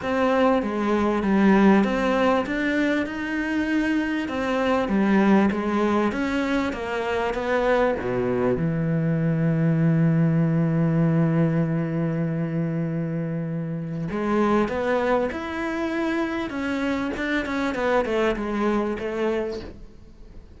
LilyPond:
\new Staff \with { instrumentName = "cello" } { \time 4/4 \tempo 4 = 98 c'4 gis4 g4 c'4 | d'4 dis'2 c'4 | g4 gis4 cis'4 ais4 | b4 b,4 e2~ |
e1~ | e2. gis4 | b4 e'2 cis'4 | d'8 cis'8 b8 a8 gis4 a4 | }